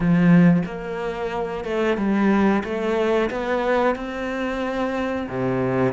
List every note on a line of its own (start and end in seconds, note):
0.00 0.63 F3
0.65 1.64 A#3
1.64 1.97 A3
1.97 2.63 G3
2.64 3.30 A3
3.30 3.95 B3
3.95 5.27 C4
5.28 5.93 C3